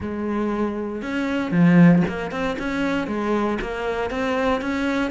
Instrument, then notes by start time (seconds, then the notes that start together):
cello
0.00 G#3
1.02 C#4
1.51 F3
2.08 A#3
2.31 C4
2.58 C#4
3.07 G#3
3.61 A#3
4.10 C4
4.61 C#4